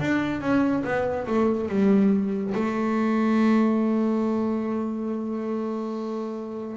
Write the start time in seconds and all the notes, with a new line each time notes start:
0.00 D4
0.41 C#4
0.84 B3
1.27 A3
1.69 G3
2.55 A3